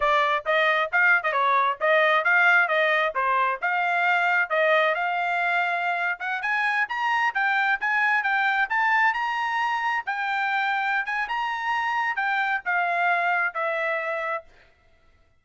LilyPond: \new Staff \with { instrumentName = "trumpet" } { \time 4/4 \tempo 4 = 133 d''4 dis''4 f''8. dis''16 cis''4 | dis''4 f''4 dis''4 c''4 | f''2 dis''4 f''4~ | f''4.~ f''16 fis''8 gis''4 ais''8.~ |
ais''16 g''4 gis''4 g''4 a''8.~ | a''16 ais''2 g''4.~ g''16~ | g''8 gis''8 ais''2 g''4 | f''2 e''2 | }